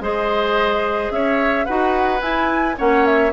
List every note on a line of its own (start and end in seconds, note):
0.00 1.10 G#3
0.00 1.67 G#4
0.00 1.13 C5
0.00 1.12 D#5
1.11 1.66 C#4
1.11 1.66 C#5
1.11 1.66 E5
1.66 2.22 D#4
1.66 2.20 F#4
1.66 2.76 B4
1.66 2.21 F#5
2.20 2.75 E4
2.20 2.77 E4
2.20 2.77 G#5
2.78 3.33 A#3
2.78 3.33 C#4
2.78 3.33 C#5
2.78 3.06 F#5
3.06 3.33 E5